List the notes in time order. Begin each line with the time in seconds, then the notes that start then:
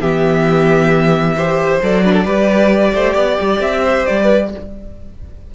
0.00 E3 B3 G4 E5
1.36 G4 C5
1.82 F#3 A4 D5
2.04 D4 B4
2.12 A4
2.25 G3 G4 B4
2.94 A3 C5
3.13 B3 D5
3.41 G3
3.59 C4 E5
3.82 C5
4.06 G3 D5
4.23 B4